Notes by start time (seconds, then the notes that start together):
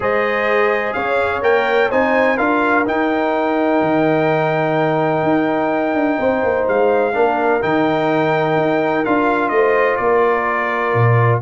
0.00 G#3 G#4 C5 D#5
0.93 C#4 C#5 F5
1.41 A#3 A#4 G5
1.90 C4 D#4 C5 G#5
2.36 D4 F4 A#4 F5
2.85 D#4 G5
3.81 D#3
5.23 D#4
5.93 D4
6.18 C4 C5
6.43 A#3
6.67 G#3 F5
7.13 A#3 D4 A#4
7.61 D#3 D#4 G5
8.56 D#4
9.04 D4 F4 F5
9.48 A3 C5 D#5
9.96 A#3 A#4 D5
10.94 A#2